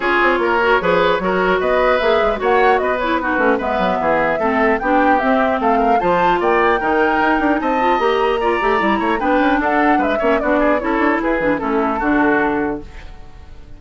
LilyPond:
<<
  \new Staff \with { instrumentName = "flute" } { \time 4/4 \tempo 4 = 150 cis''1 | dis''4 e''4 fis''4 dis''8 cis''8 | b'4 e''2. | g''4 e''4 f''4 a''4 |
g''2. a''4 | ais''2. g''4 | fis''4 e''4 d''4 cis''4 | b'4 a'2. | }
  \new Staff \with { instrumentName = "oboe" } { \time 4/4 gis'4 ais'4 b'4 ais'4 | b'2 cis''4 b'4 | fis'4 b'4 gis'4 a'4 | g'2 a'8 ais'8 c''4 |
d''4 ais'2 dis''4~ | dis''4 d''4. cis''8 b'4 | a'4 b'8 cis''8 fis'8 gis'8 a'4 | gis'4 e'4 fis'2 | }
  \new Staff \with { instrumentName = "clarinet" } { \time 4/4 f'4. fis'8 gis'4 fis'4~ | fis'4 gis'4 fis'4. e'8 | dis'8 cis'8 b2 c'4 | d'4 c'2 f'4~ |
f'4 dis'2~ dis'8 f'8 | g'4 f'8 g'8 e'4 d'4~ | d'4. cis'8 d'4 e'4~ | e'8 d'8 cis'4 d'2 | }
  \new Staff \with { instrumentName = "bassoon" } { \time 4/4 cis'8 c'8 ais4 f4 fis4 | b4 ais8 gis8 ais4 b4~ | b8 a8 gis8 fis8 e4 a4 | b4 c'4 a4 f4 |
ais4 dis4 dis'8 d'8 c'4 | ais4. a8 g8 a8 b8 cis'8 | d'4 gis8 ais8 b4 cis'8 d'8 | e'8 e8 a4 d2 | }
>>